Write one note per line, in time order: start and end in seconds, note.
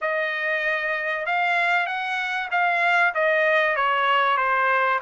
0.01 1.26 D#5
1.26 1.86 F5
1.86 2.48 F#5
2.51 3.13 F5
3.14 3.76 D#5
3.76 4.37 C#5
4.37 4.99 C5